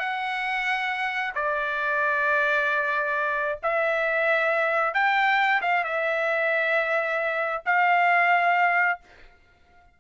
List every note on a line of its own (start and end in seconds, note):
0.00 1.34 F#5
1.35 3.59 D5
3.64 4.94 E5
4.94 5.62 G5
5.62 5.85 F5
5.85 7.64 E5
7.66 9.01 F5